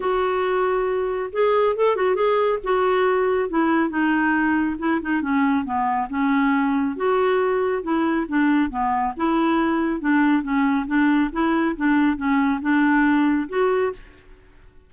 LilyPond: \new Staff \with { instrumentName = "clarinet" } { \time 4/4 \tempo 4 = 138 fis'2. gis'4 | a'8 fis'8 gis'4 fis'2 | e'4 dis'2 e'8 dis'8 | cis'4 b4 cis'2 |
fis'2 e'4 d'4 | b4 e'2 d'4 | cis'4 d'4 e'4 d'4 | cis'4 d'2 fis'4 | }